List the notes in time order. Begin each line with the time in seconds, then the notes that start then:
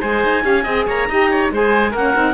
0.00 G#3 G#4 C5 G#5
0.23 D#4
0.41 C#4 G4 F5
0.63 C4 G#4 D#5
0.86 A#3 C#5 A#5
1.08 D#4 G4 D#5
1.30 C#5
1.51 G#3 G#4 C5 G#5
1.91 A#3 C#4 A#4 F#5
2.15 C4 D#4